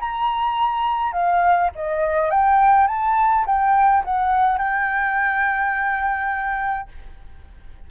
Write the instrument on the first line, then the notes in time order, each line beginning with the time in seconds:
flute
0.00 A#5
1.12 F5
1.75 D#5
2.31 G5
2.87 A5
3.46 G5
4.04 F#5
4.58 G5